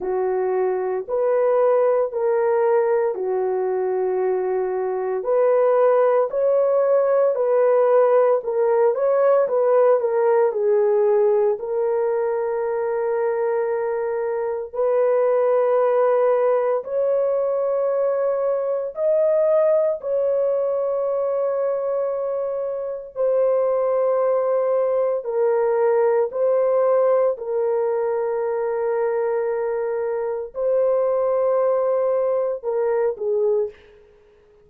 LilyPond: \new Staff \with { instrumentName = "horn" } { \time 4/4 \tempo 4 = 57 fis'4 b'4 ais'4 fis'4~ | fis'4 b'4 cis''4 b'4 | ais'8 cis''8 b'8 ais'8 gis'4 ais'4~ | ais'2 b'2 |
cis''2 dis''4 cis''4~ | cis''2 c''2 | ais'4 c''4 ais'2~ | ais'4 c''2 ais'8 gis'8 | }